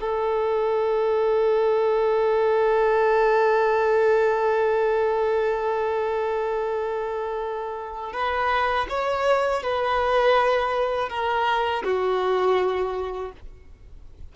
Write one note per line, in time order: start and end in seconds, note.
0.00 8.12 A4
8.12 8.86 B4
8.89 9.62 C#5
9.62 11.08 B4
11.08 11.82 A#4
11.84 13.32 F#4